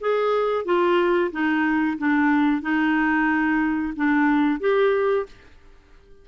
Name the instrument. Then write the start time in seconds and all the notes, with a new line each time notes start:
clarinet
0.00 G#4
0.65 F4
1.32 D#4
1.98 D4
2.61 D#4
3.96 D4
4.60 G4